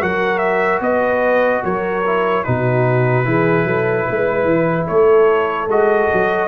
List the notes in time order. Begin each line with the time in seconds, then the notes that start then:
0.00 F#3 F#4 A#4 F#5
0.38 E5
0.80 B3 B4 D#5
1.63 F#3 A#4 C#5
2.06 E4
2.44 B2 D#4 F#4 B4
3.24 E3 E4 G#4
3.64 F#3 A4
4.08 G#3 B4
4.44 E3
4.87 A3 A4 C#5
5.68 G#3 F#4 D#5
6.13 F#3